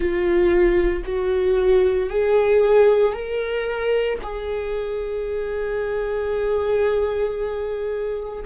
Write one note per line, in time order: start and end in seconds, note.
0.00 1.02 F4
1.05 2.09 F#4
2.09 3.13 G#4
3.13 4.18 A#4
4.22 8.44 G#4